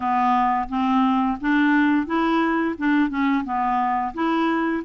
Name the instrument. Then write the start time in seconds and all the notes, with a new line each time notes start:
clarinet
0.00 B3
0.69 C4
1.40 D4
2.06 E4
2.78 D4
3.09 C#4
3.44 B3
4.14 E4